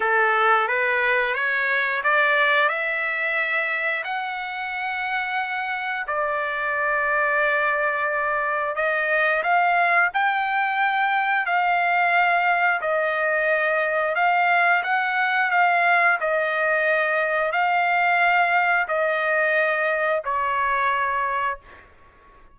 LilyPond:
\new Staff \with { instrumentName = "trumpet" } { \time 4/4 \tempo 4 = 89 a'4 b'4 cis''4 d''4 | e''2 fis''2~ | fis''4 d''2.~ | d''4 dis''4 f''4 g''4~ |
g''4 f''2 dis''4~ | dis''4 f''4 fis''4 f''4 | dis''2 f''2 | dis''2 cis''2 | }